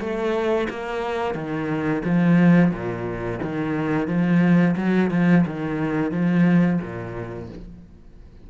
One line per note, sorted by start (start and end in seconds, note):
0.00 0.68 A3
0.70 1.35 A#3
1.35 2.03 D#3
2.05 2.71 F3
2.71 3.40 A#2
3.43 4.08 D#3
4.08 4.76 F3
4.77 5.11 F#3
5.11 5.45 F3
5.46 6.12 D#3
6.12 6.80 F3
6.82 7.50 A#2